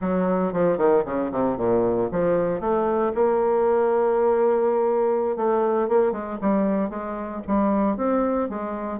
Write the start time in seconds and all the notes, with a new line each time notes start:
0.01 F#3
0.52 F3
0.77 D#3
1.05 C#3
1.31 C3
1.57 A#2
2.11 F3
2.60 A3
3.14 A#3
5.36 A3
5.88 A#3
6.12 G#3
6.41 G3
6.89 G#3
7.47 G3
7.97 C4
8.49 G#3